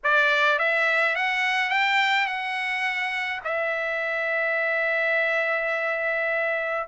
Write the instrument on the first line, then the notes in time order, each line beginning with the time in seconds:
trumpet
0.03 D5
0.59 E5
1.15 F#5
1.69 G5
2.26 F#5
3.44 E5